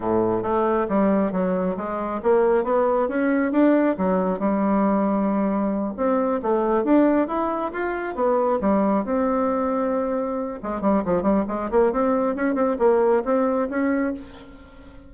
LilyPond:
\new Staff \with { instrumentName = "bassoon" } { \time 4/4 \tempo 4 = 136 a,4 a4 g4 fis4 | gis4 ais4 b4 cis'4 | d'4 fis4 g2~ | g4. c'4 a4 d'8~ |
d'8 e'4 f'4 b4 g8~ | g8 c'2.~ c'8 | gis8 g8 f8 g8 gis8 ais8 c'4 | cis'8 c'8 ais4 c'4 cis'4 | }